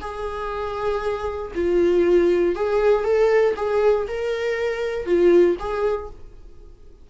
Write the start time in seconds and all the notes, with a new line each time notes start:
0.00 G#4
1.54 F4
2.55 G#4
3.04 A4
3.56 G#4
4.07 A#4
5.05 F4
5.59 G#4